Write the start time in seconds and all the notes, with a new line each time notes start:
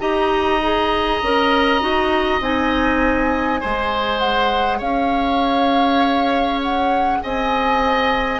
0.00 D#4 G4 D#5 A#5
0.62 G#4
1.23 C#4 A#4
1.80 D#4 F#4
2.41 C4 D#4 G#5
3.61 G#3 G#4 C5
4.19 F#5
4.79 C#4 C#5 F5
6.62 F#5
7.22 C4 D#5 G#5